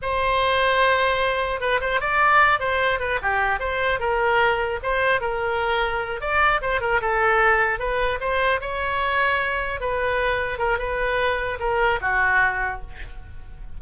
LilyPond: \new Staff \with { instrumentName = "oboe" } { \time 4/4 \tempo 4 = 150 c''1 | b'8 c''8 d''4. c''4 b'8 | g'4 c''4 ais'2 | c''4 ais'2~ ais'8 d''8~ |
d''8 c''8 ais'8 a'2 b'8~ | b'8 c''4 cis''2~ cis''8~ | cis''8 b'2 ais'8 b'4~ | b'4 ais'4 fis'2 | }